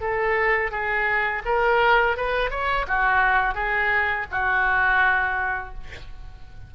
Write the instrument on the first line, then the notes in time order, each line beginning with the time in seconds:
oboe
0.00 A4
0.71 G#4
1.45 A#4
2.17 B4
2.50 C#5
2.87 F#4
3.54 G#4
4.31 F#4